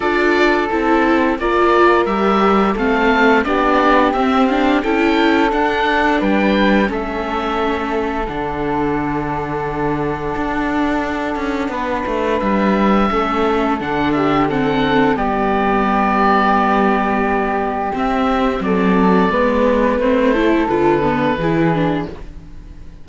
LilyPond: <<
  \new Staff \with { instrumentName = "oboe" } { \time 4/4 \tempo 4 = 87 d''4 a'4 d''4 e''4 | f''4 d''4 e''8 f''8 g''4 | fis''4 g''4 e''2 | fis''1~ |
fis''2 e''2 | fis''8 e''8 fis''4 d''2~ | d''2 e''4 d''4~ | d''4 c''4 b'2 | }
  \new Staff \with { instrumentName = "flute" } { \time 4/4 a'2 ais'2 | a'4 g'2 a'4~ | a'4 b'4 a'2~ | a'1~ |
a'4 b'2 a'4~ | a'8 g'8 a'4 g'2~ | g'2. a'4 | b'4. a'4. gis'4 | }
  \new Staff \with { instrumentName = "viola" } { \time 4/4 f'4 e'4 f'4 g'4 | c'4 d'4 c'8 d'8 e'4 | d'2 cis'2 | d'1~ |
d'2. cis'4 | d'4 c'4 b2~ | b2 c'2 | b4 c'8 e'8 f'8 b8 e'8 d'8 | }
  \new Staff \with { instrumentName = "cello" } { \time 4/4 d'4 c'4 ais4 g4 | a4 b4 c'4 cis'4 | d'4 g4 a2 | d2. d'4~ |
d'8 cis'8 b8 a8 g4 a4 | d2 g2~ | g2 c'4 fis4 | gis4 a4 d4 e4 | }
>>